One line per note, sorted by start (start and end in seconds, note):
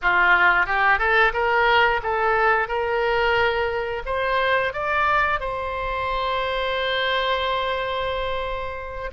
0.02 0.66 F4
0.66 0.98 G4
0.98 1.32 A4
1.33 2.00 A#4
2.03 2.68 A4
2.68 4.02 A#4
4.05 4.73 C5
4.73 5.39 D5
5.39 9.10 C5